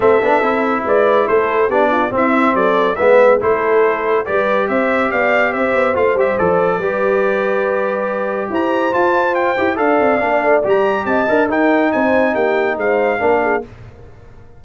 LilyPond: <<
  \new Staff \with { instrumentName = "trumpet" } { \time 4/4 \tempo 4 = 141 e''2 d''4 c''4 | d''4 e''4 d''4 e''4 | c''2 d''4 e''4 | f''4 e''4 f''8 e''8 d''4~ |
d''1 | ais''4 a''4 g''4 f''4~ | f''4 ais''4 a''4 g''4 | gis''4 g''4 f''2 | }
  \new Staff \with { instrumentName = "horn" } { \time 4/4 a'2 b'4 a'4 | g'8 f'8 e'4 a'4 b'4 | a'2 b'4 c''4 | d''4 c''2. |
b'1 | c''2. d''4~ | d''2 dis''4 ais'4 | c''4 g'4 c''4 ais'8 gis'8 | }
  \new Staff \with { instrumentName = "trombone" } { \time 4/4 c'8 d'8 e'2. | d'4 c'2 b4 | e'2 g'2~ | g'2 f'8 g'8 a'4 |
g'1~ | g'4 f'4. g'8 a'4 | d'4 g'4. ais'8 dis'4~ | dis'2. d'4 | }
  \new Staff \with { instrumentName = "tuba" } { \time 4/4 a8 b8 c'4 gis4 a4 | b4 c'4 fis4 gis4 | a2 g4 c'4 | b4 c'8 b8 a8 g8 f4 |
g1 | e'4 f'4. e'8 d'8 c'8 | ais8 a8 g4 c'8 d'8 dis'4 | c'4 ais4 gis4 ais4 | }
>>